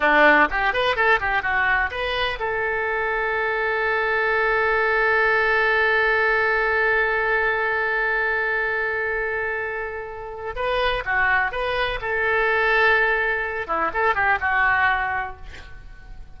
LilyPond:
\new Staff \with { instrumentName = "oboe" } { \time 4/4 \tempo 4 = 125 d'4 g'8 b'8 a'8 g'8 fis'4 | b'4 a'2.~ | a'1~ | a'1~ |
a'1~ | a'2 b'4 fis'4 | b'4 a'2.~ | a'8 e'8 a'8 g'8 fis'2 | }